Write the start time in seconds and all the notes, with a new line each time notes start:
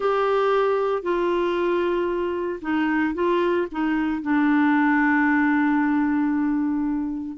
0.00 G4
1.02 F4
2.61 D#4
3.14 F4
3.71 D#4
4.22 D4